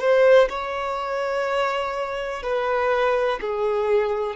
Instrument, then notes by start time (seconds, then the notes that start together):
violin
0.00 C5
0.49 C#5
2.42 B4
3.41 G#4